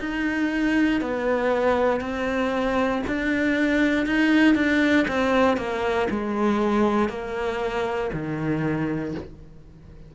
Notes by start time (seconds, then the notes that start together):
0.00 D#4
1.01 B3
2.01 C4
3.07 D4
4.06 D#4
4.55 D4
5.08 C4
5.57 A#3
6.11 G#3
7.09 A#3
8.13 D#3